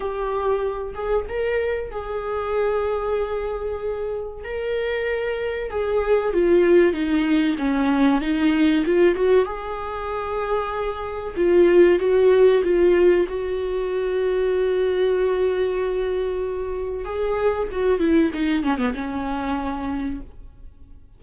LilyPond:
\new Staff \with { instrumentName = "viola" } { \time 4/4 \tempo 4 = 95 g'4. gis'8 ais'4 gis'4~ | gis'2. ais'4~ | ais'4 gis'4 f'4 dis'4 | cis'4 dis'4 f'8 fis'8 gis'4~ |
gis'2 f'4 fis'4 | f'4 fis'2.~ | fis'2. gis'4 | fis'8 e'8 dis'8 cis'16 b16 cis'2 | }